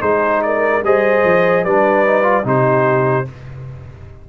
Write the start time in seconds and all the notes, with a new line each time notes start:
0.00 G#3 D#4 G#4 C5
0.43 A#4 D5
0.83 G3 G#4 C5 D#5
1.24 F3
1.64 G3 D4 B4 D5
2.06 D#4
2.23 F4
2.44 C3 D#4 G4 C5